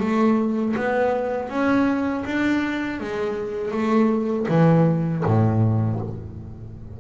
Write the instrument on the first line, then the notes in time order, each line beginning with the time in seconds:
double bass
0.00 A3
0.76 B3
1.49 C#4
2.25 D4
3.00 G#3
3.72 A3
4.49 E3
5.25 A2